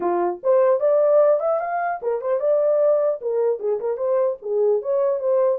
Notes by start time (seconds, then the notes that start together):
0.00 F4
0.43 C5
0.80 D5
1.40 E5
1.60 F5
2.02 A#4
2.21 C5
2.39 D5
3.21 A#4
3.59 G#4
3.79 A#4
3.97 C5
4.41 G#4
4.82 C#5
5.19 C5